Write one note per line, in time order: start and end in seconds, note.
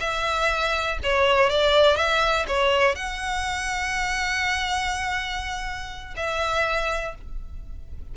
0.00 0.98 E5
1.03 1.50 C#5
1.50 1.96 D5
1.96 2.46 E5
2.48 2.95 C#5
2.95 6.15 F#5
6.16 7.15 E5